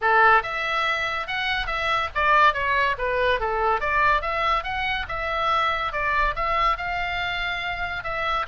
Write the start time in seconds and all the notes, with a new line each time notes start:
0.01 A4
0.42 E5
1.27 F#5
1.67 E5
2.15 D5
2.53 C#5
2.98 B4
3.40 A4
3.80 D5
4.21 E5
4.63 F#5
5.08 E5
5.92 D5
6.35 E5
6.77 F5
8.03 E5